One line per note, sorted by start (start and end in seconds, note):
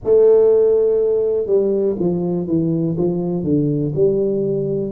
0.04 1.46 A3
1.46 1.95 G3
1.99 2.47 F3
2.47 2.96 E3
2.97 3.43 F3
3.43 3.92 D3
3.94 4.92 G3